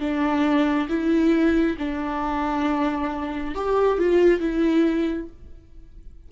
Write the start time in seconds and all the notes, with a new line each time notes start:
0.00 D4
0.89 E4
1.78 D4
3.55 G4
3.98 F4
4.40 E4